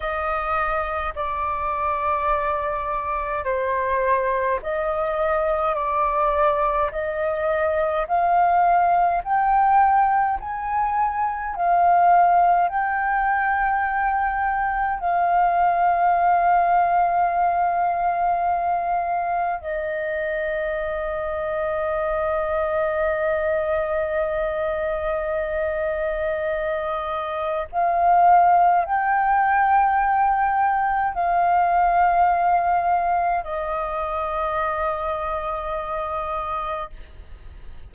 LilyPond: \new Staff \with { instrumentName = "flute" } { \time 4/4 \tempo 4 = 52 dis''4 d''2 c''4 | dis''4 d''4 dis''4 f''4 | g''4 gis''4 f''4 g''4~ | g''4 f''2.~ |
f''4 dis''2.~ | dis''1 | f''4 g''2 f''4~ | f''4 dis''2. | }